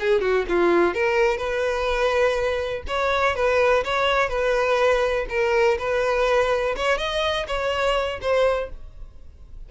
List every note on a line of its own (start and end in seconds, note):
0.00 0.21 G#4
0.21 0.45 F#4
0.49 0.94 F4
0.94 1.38 A#4
1.38 2.83 B4
2.87 3.36 C#5
3.36 3.84 B4
3.84 4.29 C#5
4.29 5.26 B4
5.30 5.78 A#4
5.79 6.76 B4
6.76 6.98 C#5
6.98 7.46 D#5
7.47 8.20 C#5
8.21 8.70 C5